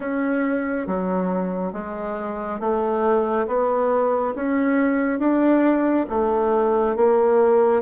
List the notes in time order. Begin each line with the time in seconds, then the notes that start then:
0.00 C#4
0.87 F#3
1.72 G#3
2.59 A3
3.47 B3
4.35 C#4
5.19 D4
6.09 A3
6.96 A#3